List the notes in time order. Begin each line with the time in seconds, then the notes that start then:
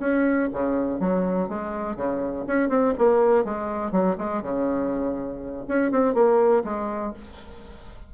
0.00 C#4
0.53 C#3
1.00 F#3
1.48 G#3
1.96 C#3
2.47 C#4
2.69 C4
2.98 A#3
3.44 G#3
3.92 F#3
4.18 G#3
4.42 C#3
5.68 C#4
5.91 C4
6.14 A#3
6.64 G#3